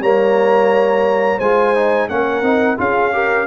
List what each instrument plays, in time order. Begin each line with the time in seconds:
0.00 tuba G3, trombone A#3, horn C#5, trumpet A#5
1.39 tuba G#3, trombone F4, horn C5, trumpet G#5
1.75 trombone D#4
2.09 tuba A#3, trombone C#4, horn A#4, trumpet F#5
2.42 tuba C4, trombone D#4
2.78 tuba C#4, trombone F4, horn G#4, trumpet F5
3.13 trombone G4, horn A#4